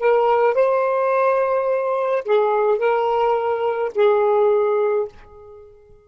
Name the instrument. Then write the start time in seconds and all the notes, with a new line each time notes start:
saxophone
0.00 A#4
0.55 C5
2.25 G#4
2.79 A#4
3.95 G#4